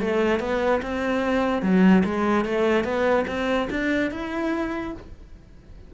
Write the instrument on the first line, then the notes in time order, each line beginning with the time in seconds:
cello
0.00 A3
0.40 B3
0.82 C4
1.62 F#3
2.04 G#3
2.45 A3
2.84 B3
3.27 C4
3.70 D4
4.11 E4